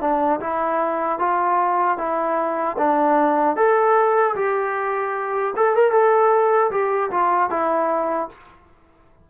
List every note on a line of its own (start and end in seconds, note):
0.00 0.39 D4
0.40 1.19 E4
1.19 1.97 F4
1.97 2.76 E4
2.77 3.56 D4
3.56 4.35 A4
4.35 5.53 G4
5.56 5.75 A4
5.75 5.91 A#4
5.91 6.70 A4
6.71 7.10 G4
7.11 7.50 F4
7.50 8.29 E4